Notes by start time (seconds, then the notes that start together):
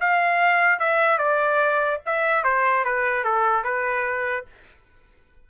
0.00 F5
0.79 E5
1.18 D5
2.05 E5
2.44 C5
2.84 B4
3.24 A4
3.64 B4